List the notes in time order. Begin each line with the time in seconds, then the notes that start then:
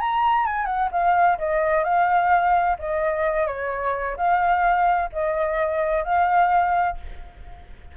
0.00 A#5
0.46 G#5
0.66 F#5
0.91 F5
1.38 D#5
1.84 F5
2.79 D#5
3.47 C#5
4.16 F5
5.12 D#5
6.04 F5